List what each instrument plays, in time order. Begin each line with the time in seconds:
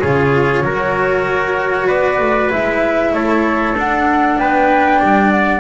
0.00 double bass C#3, cello F4, trumpet G#4, flute C#5
0.63 double bass F#3, cello F#4, trumpet A#4
1.87 double bass B3, trumpet B4, flute D5
2.19 double bass A3
2.50 double bass G#3, cello E4, flute E5
3.12 double bass A3, trumpet A4, flute C#5
3.75 double bass D4, cello D4, flute F#5
4.38 double bass B3, trumpet B4, flute G5
5.00 double bass G3, trumpet D5
5.31 flute F#5